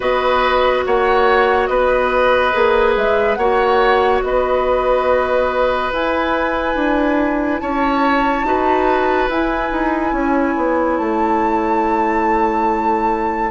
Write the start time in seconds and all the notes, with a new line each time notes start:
0.00 B3 F#4 B4 D#5
0.86 A#3 C#5 F#5
1.66 B3 B4 D#5
2.52 A#3 G#4
2.96 G#3 E5
3.34 A#3 F#4 C#5 F#5
4.23 B3 B4 D#5
5.92 E4 G#5
6.75 D4
7.59 C#4 C#5 A5
8.43 D#4 F#4 B4
9.28 E4 G#5
9.71 D#4
10.12 C#4 C#5
10.57 B3
10.97 A3 A5